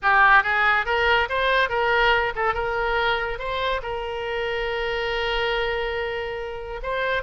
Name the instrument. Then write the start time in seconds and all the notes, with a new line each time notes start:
oboe
0.02 G4
0.43 G#4
0.85 A#4
1.29 C5
1.69 A#4
2.35 A4
2.54 A#4
3.38 C5
3.82 A#4
6.82 C5